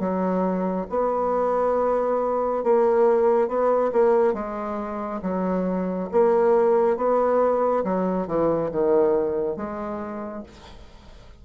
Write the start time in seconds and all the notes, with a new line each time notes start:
0.00 F#3
0.90 B3
2.64 A#3
3.48 B3
3.93 A#3
4.34 G#3
5.23 F#3
6.12 A#3
6.97 B3
7.85 F#3
8.28 E3
8.72 D#3
9.57 G#3